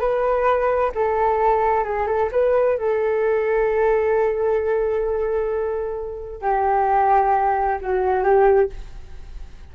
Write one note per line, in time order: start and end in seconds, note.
0.00 0.92 B4
0.95 1.84 A4
1.84 2.07 G#4
2.07 2.30 A4
2.32 2.78 B4
2.78 6.42 A4
6.42 7.79 G4
7.81 8.24 F#4
8.24 8.70 G4